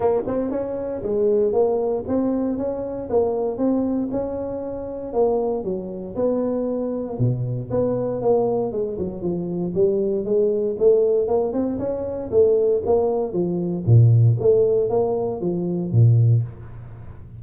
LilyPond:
\new Staff \with { instrumentName = "tuba" } { \time 4/4 \tempo 4 = 117 ais8 c'8 cis'4 gis4 ais4 | c'4 cis'4 ais4 c'4 | cis'2 ais4 fis4 | b2 b,4 b4 |
ais4 gis8 fis8 f4 g4 | gis4 a4 ais8 c'8 cis'4 | a4 ais4 f4 ais,4 | a4 ais4 f4 ais,4 | }